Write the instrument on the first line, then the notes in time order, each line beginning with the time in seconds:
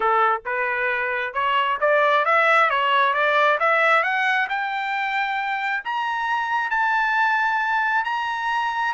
trumpet
0.00 A4
0.45 B4
1.33 C#5
1.80 D5
2.25 E5
2.69 C#5
3.13 D5
3.59 E5
4.03 F#5
4.49 G5
5.84 A#5
6.70 A5
8.04 A#5